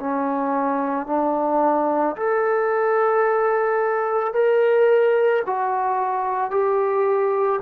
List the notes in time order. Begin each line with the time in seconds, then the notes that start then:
0.00 C#4
1.07 D4
2.16 A4
4.33 A#4
5.46 F#4
6.51 G4